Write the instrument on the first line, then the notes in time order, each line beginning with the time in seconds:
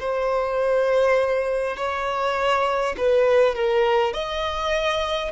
violin
0.00 C5
1.77 C#5
2.98 B4
3.55 A#4
4.14 D#5